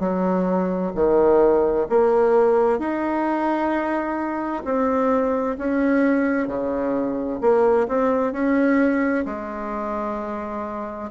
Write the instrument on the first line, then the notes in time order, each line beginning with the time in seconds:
bassoon
0.00 F#3
0.95 D#3
1.90 A#3
2.79 D#4
4.65 C4
5.58 C#4
6.48 C#3
7.41 A#3
7.88 C4
8.33 C#4
9.26 G#3